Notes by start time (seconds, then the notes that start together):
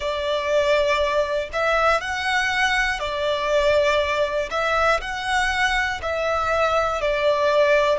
0.00 D5
1.52 E5
2.00 F#5
2.99 D5
4.50 E5
5.00 F#5
6.01 E5
7.00 D5